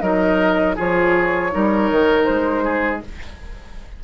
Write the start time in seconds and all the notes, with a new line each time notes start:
0.00 F#3 D#4 A#4 D#5
0.75 F3 F4 G#4 C#5
1.51 G3 D#4 A#4
1.91 D#3
2.24 G#3 C5
2.64 G#4